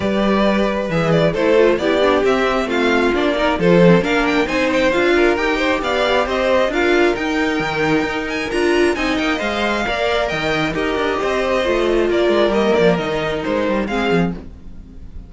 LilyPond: <<
  \new Staff \with { instrumentName = "violin" } { \time 4/4 \tempo 4 = 134 d''2 e''8 d''8 c''4 | d''4 e''4 f''4 d''4 | c''4 f''8 g''8 gis''8 g''8 f''4 | g''4 f''4 dis''4 f''4 |
g''2~ g''8 gis''8 ais''4 | gis''8 g''8 f''2 g''4 | dis''2. d''4 | dis''8 d''8 dis''4 c''4 f''4 | }
  \new Staff \with { instrumentName = "violin" } { \time 4/4 b'2. a'4 | g'2 f'4. ais'8 | a'4 ais'4 c''4. ais'8~ | ais'8 c''8 d''4 c''4 ais'4~ |
ais'1 | dis''2 d''4 dis''4 | ais'4 c''2 ais'4~ | ais'2. gis'4 | }
  \new Staff \with { instrumentName = "viola" } { \time 4/4 g'2 gis'4 e'8 f'8 | e'8 d'8 c'2 d'8 dis'8 | f'8 c'8 d'4 dis'4 f'4 | g'2. f'4 |
dis'2. f'4 | dis'4 c''4 ais'2 | g'2 f'2 | ais4 dis'2 c'4 | }
  \new Staff \with { instrumentName = "cello" } { \time 4/4 g2 e4 a4 | b4 c'4 a4 ais4 | f4 ais4 c'4 d'4 | dis'4 b4 c'4 d'4 |
dis'4 dis4 dis'4 d'4 | c'8 ais8 gis4 ais4 dis4 | dis'8 d'8 c'4 a4 ais8 gis8 | g8 f8 dis4 gis8 g8 gis8 f8 | }
>>